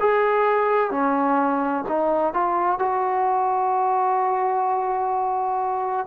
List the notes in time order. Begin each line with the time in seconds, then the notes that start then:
0.00 G#4
0.91 C#4
1.88 D#4
2.34 F4
2.79 F#4